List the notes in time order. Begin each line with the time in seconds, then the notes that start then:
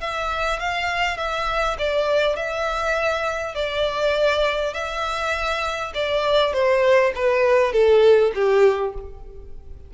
0.00 E5
0.59 F5
1.17 E5
1.78 D5
2.35 E5
3.55 D5
4.73 E5
5.94 D5
6.53 C5
7.15 B4
7.72 A4
8.34 G4